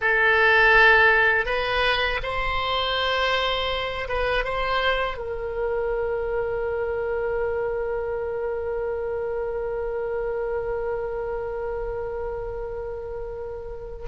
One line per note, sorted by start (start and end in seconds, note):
0.01 1.45 A4
1.45 2.19 B4
2.22 4.07 C5
4.08 4.44 B4
4.44 5.17 C5
5.17 14.05 A#4